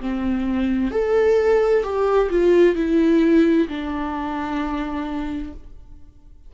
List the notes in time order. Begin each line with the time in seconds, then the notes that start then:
0.00 C4
0.91 A4
1.83 G4
2.30 F4
2.75 E4
3.68 D4